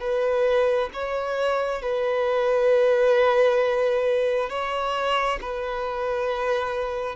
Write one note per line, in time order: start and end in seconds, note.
0.00 0.90 B4
0.93 1.82 C#5
1.82 4.49 B4
4.49 5.39 C#5
5.41 7.15 B4